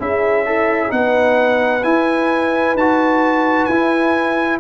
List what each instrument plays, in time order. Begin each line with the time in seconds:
0.00 tuba C#4, trombone E4, horn G#4, trumpet E5
0.46 horn E4, trombone A4
0.89 tuba B3, trombone D#4, horn B4, trumpet F#5
1.84 tuba E4, trombone E4, trumpet G#5
2.75 tuba D#4, trombone F#4, trumpet A5
3.66 tuba E4, trombone E4, trumpet G#5